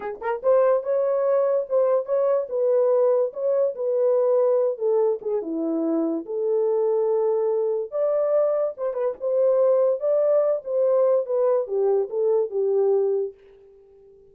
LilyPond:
\new Staff \with { instrumentName = "horn" } { \time 4/4 \tempo 4 = 144 gis'8 ais'8 c''4 cis''2 | c''4 cis''4 b'2 | cis''4 b'2~ b'8 a'8~ | a'8 gis'8 e'2 a'4~ |
a'2. d''4~ | d''4 c''8 b'8 c''2 | d''4. c''4. b'4 | g'4 a'4 g'2 | }